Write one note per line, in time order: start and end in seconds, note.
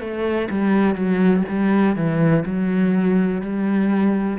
0.00 0.48 A3
0.50 0.95 G3
0.95 1.43 F#3
1.49 1.96 G3
1.96 2.44 E3
2.45 3.41 F#3
3.41 4.38 G3